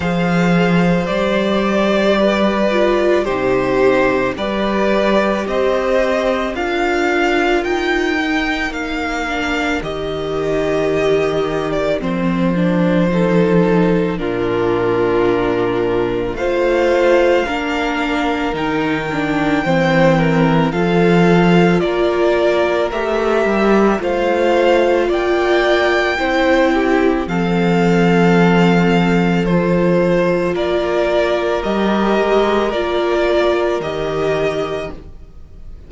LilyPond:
<<
  \new Staff \with { instrumentName = "violin" } { \time 4/4 \tempo 4 = 55 f''4 d''2 c''4 | d''4 dis''4 f''4 g''4 | f''4 dis''4.~ dis''16 d''16 c''4~ | c''4 ais'2 f''4~ |
f''4 g''2 f''4 | d''4 e''4 f''4 g''4~ | g''4 f''2 c''4 | d''4 dis''4 d''4 dis''4 | }
  \new Staff \with { instrumentName = "violin" } { \time 4/4 c''2 b'4 g'4 | b'4 c''4 ais'2~ | ais'1 | a'4 f'2 c''4 |
ais'2 c''8 ais'8 a'4 | ais'2 c''4 d''4 | c''8 g'8 a'2. | ais'1 | }
  \new Staff \with { instrumentName = "viola" } { \time 4/4 gis'4 g'4. f'8 dis'4 | g'2 f'4. dis'8~ | dis'8 d'8 g'2 c'8 d'8 | dis'4 d'2 f'4 |
d'4 dis'8 d'8 c'4 f'4~ | f'4 g'4 f'2 | e'4 c'2 f'4~ | f'4 g'4 f'4 g'4 | }
  \new Staff \with { instrumentName = "cello" } { \time 4/4 f4 g2 c4 | g4 c'4 d'4 dis'4 | ais4 dis2 f4~ | f4 ais,2 a4 |
ais4 dis4 e4 f4 | ais4 a8 g8 a4 ais4 | c'4 f2. | ais4 g8 gis8 ais4 dis4 | }
>>